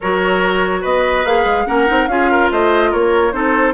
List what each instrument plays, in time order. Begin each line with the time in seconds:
0.01 bassoon F#3, clarinet F#4, oboe A#4, flute C#5
0.81 bassoon B3, oboe B4, flute D#5
1.24 bassoon A#3, clarinet G#4, flute F5
1.44 bassoon G#3
1.66 bassoon A#3, clarinet C#4, oboe A#4, flute F#5
1.86 bassoon C4, clarinet D#4
2.07 bassoon C#4, clarinet F4, oboe G#4, flute F5
2.30 oboe A#4
2.51 bassoon A3, oboe C5, flute D#5
2.90 bassoon A#3, oboe A#4, flute C#5
3.32 bassoon C4, clarinet D#4, oboe A4, flute C5